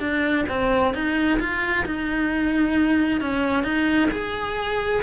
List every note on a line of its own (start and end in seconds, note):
0.00 0.45 D4
0.49 0.94 C4
0.94 1.40 D#4
1.40 1.86 F4
1.86 3.21 D#4
3.21 3.64 C#4
3.64 4.10 D#4
4.12 5.02 G#4